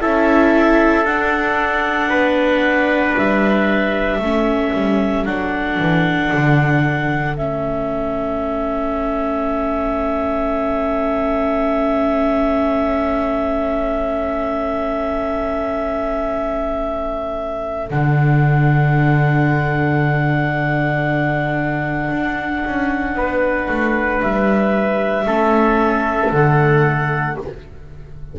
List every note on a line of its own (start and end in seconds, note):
0.00 1.04 C#4
0.00 1.05 E4
0.00 2.09 A4
0.00 1.05 E5
1.04 2.09 D4
1.04 4.22 D4
1.04 3.15 F#5
2.09 3.15 B3
2.09 4.19 B4
3.16 4.18 G3
3.16 5.24 E5
4.18 4.71 A3
4.18 5.26 C#4
4.18 23.16 A4
4.73 5.25 G3
5.24 5.78 F#3
5.24 7.36 D4
5.24 7.35 F#5
5.79 6.31 E3
6.33 7.37 D3
7.36 17.89 A3
7.36 17.90 C#4
7.36 17.89 E5
17.90 22.11 D3
17.90 25.25 D4
17.90 24.21 F#5
22.11 22.63 D4
22.66 23.14 C#4
23.14 23.67 B3
23.14 25.26 B4
23.68 24.21 A3
24.21 25.25 G3
24.21 26.32 E5
25.25 26.30 A3
25.25 26.30 C#4
25.25 27.36 A4
26.31 27.37 D3
26.31 27.39 A3
26.31 27.37 F#5